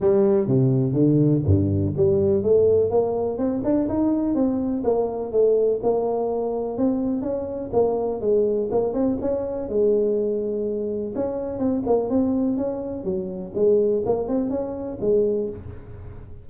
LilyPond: \new Staff \with { instrumentName = "tuba" } { \time 4/4 \tempo 4 = 124 g4 c4 d4 g,4 | g4 a4 ais4 c'8 d'8 | dis'4 c'4 ais4 a4 | ais2 c'4 cis'4 |
ais4 gis4 ais8 c'8 cis'4 | gis2. cis'4 | c'8 ais8 c'4 cis'4 fis4 | gis4 ais8 c'8 cis'4 gis4 | }